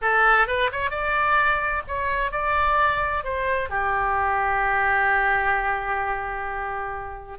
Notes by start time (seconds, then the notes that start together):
0.01 A4
0.47 B4
0.72 C#5
0.90 D5
1.87 C#5
2.31 D5
3.23 C5
3.69 G4